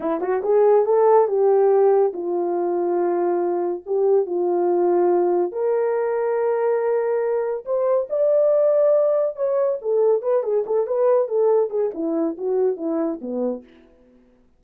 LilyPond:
\new Staff \with { instrumentName = "horn" } { \time 4/4 \tempo 4 = 141 e'8 fis'8 gis'4 a'4 g'4~ | g'4 f'2.~ | f'4 g'4 f'2~ | f'4 ais'2.~ |
ais'2 c''4 d''4~ | d''2 cis''4 a'4 | b'8 gis'8 a'8 b'4 a'4 gis'8 | e'4 fis'4 e'4 b4 | }